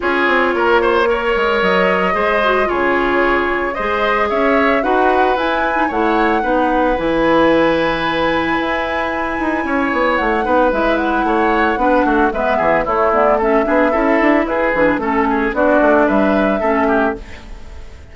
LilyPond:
<<
  \new Staff \with { instrumentName = "flute" } { \time 4/4 \tempo 4 = 112 cis''2. dis''4~ | dis''4 cis''2 dis''4 | e''4 fis''4 gis''4 fis''4~ | fis''4 gis''2.~ |
gis''2. fis''4 | e''8 fis''2~ fis''8 e''4 | cis''8 d''8 e''2 b'4 | a'4 d''4 e''2 | }
  \new Staff \with { instrumentName = "oboe" } { \time 4/4 gis'4 ais'8 c''8 cis''2 | c''4 gis'2 c''4 | cis''4 b'2 cis''4 | b'1~ |
b'2 cis''4. b'8~ | b'4 cis''4 b'8 fis'8 b'8 gis'8 | e'4 a'8 gis'8 a'4 gis'4 | a'8 gis'8 fis'4 b'4 a'8 g'8 | }
  \new Staff \with { instrumentName = "clarinet" } { \time 4/4 f'2 ais'2 | gis'8 fis'8 f'2 gis'4~ | gis'4 fis'4 e'8. dis'16 e'4 | dis'4 e'2.~ |
e'2.~ e'8 dis'8 | e'2 d'4 b4 | a8 b8 cis'8 d'8 e'4. d'8 | cis'4 d'2 cis'4 | }
  \new Staff \with { instrumentName = "bassoon" } { \time 4/4 cis'8 c'8 ais4. gis8 fis4 | gis4 cis2 gis4 | cis'4 dis'4 e'4 a4 | b4 e2. |
e'4. dis'8 cis'8 b8 a8 b8 | gis4 a4 b8 a8 gis8 e8 | a4. b8 cis'8 d'8 e'8 e8 | a4 b8 a8 g4 a4 | }
>>